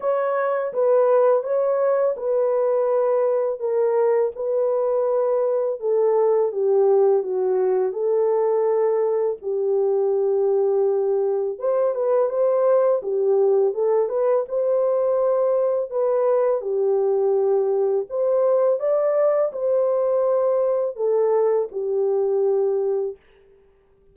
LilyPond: \new Staff \with { instrumentName = "horn" } { \time 4/4 \tempo 4 = 83 cis''4 b'4 cis''4 b'4~ | b'4 ais'4 b'2 | a'4 g'4 fis'4 a'4~ | a'4 g'2. |
c''8 b'8 c''4 g'4 a'8 b'8 | c''2 b'4 g'4~ | g'4 c''4 d''4 c''4~ | c''4 a'4 g'2 | }